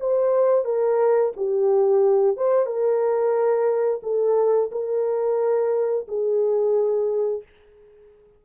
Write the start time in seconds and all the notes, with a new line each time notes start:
0.00 C5
0.65 A#4
1.36 G4
2.37 C5
2.66 A#4
4.03 A4
4.72 A#4
6.08 G#4